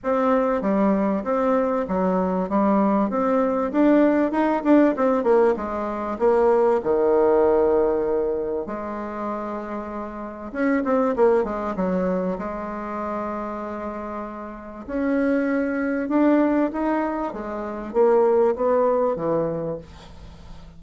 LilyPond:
\new Staff \with { instrumentName = "bassoon" } { \time 4/4 \tempo 4 = 97 c'4 g4 c'4 fis4 | g4 c'4 d'4 dis'8 d'8 | c'8 ais8 gis4 ais4 dis4~ | dis2 gis2~ |
gis4 cis'8 c'8 ais8 gis8 fis4 | gis1 | cis'2 d'4 dis'4 | gis4 ais4 b4 e4 | }